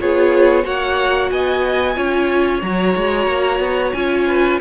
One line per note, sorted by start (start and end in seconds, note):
0.00 0.65 B3
0.00 0.63 F4
0.00 0.64 G#4
0.00 0.66 C#5
0.63 1.31 A#3
0.63 1.95 F#4
0.63 1.30 C#5
0.63 1.30 F#5
1.30 1.97 B3
1.30 1.96 D#5
1.30 2.62 G#5
1.95 2.62 C#4
1.95 2.61 F4
1.95 4.27 C#5
2.62 2.95 F#3
2.62 3.95 F#4
2.62 3.93 A#5
2.96 3.27 G#3
3.27 3.60 A#3
3.60 3.93 B3
3.93 4.60 C#4
3.93 4.60 F4
3.93 4.59 G#5
4.27 4.60 B4